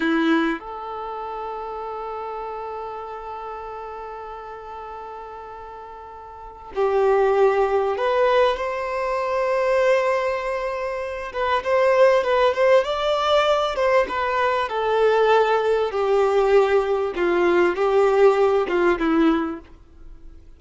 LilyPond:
\new Staff \with { instrumentName = "violin" } { \time 4/4 \tempo 4 = 98 e'4 a'2.~ | a'1~ | a'2. g'4~ | g'4 b'4 c''2~ |
c''2~ c''8 b'8 c''4 | b'8 c''8 d''4. c''8 b'4 | a'2 g'2 | f'4 g'4. f'8 e'4 | }